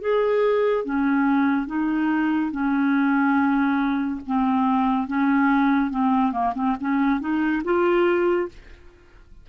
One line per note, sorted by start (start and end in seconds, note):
0.00 0.85 G#4
0.85 1.67 C#4
1.67 2.51 D#4
2.51 4.20 C#4
4.26 5.07 C4
5.07 5.90 C#4
5.90 6.32 C4
6.32 6.53 A#3
6.55 6.76 C4
6.80 7.20 C#4
7.20 7.62 D#4
7.64 8.49 F4